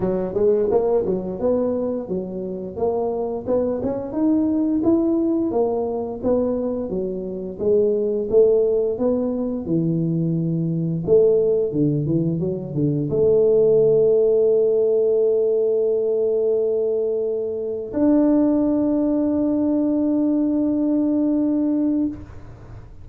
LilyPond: \new Staff \with { instrumentName = "tuba" } { \time 4/4 \tempo 4 = 87 fis8 gis8 ais8 fis8 b4 fis4 | ais4 b8 cis'8 dis'4 e'4 | ais4 b4 fis4 gis4 | a4 b4 e2 |
a4 d8 e8 fis8 d8 a4~ | a1~ | a2 d'2~ | d'1 | }